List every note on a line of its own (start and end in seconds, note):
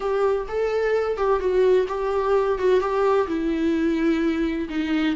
0.00 0.46 G4
0.48 1.17 A4
1.17 1.39 G4
1.39 1.86 F#4
1.88 2.58 G4
2.58 2.80 F#4
2.80 3.27 G4
3.27 4.68 E4
4.69 5.16 D#4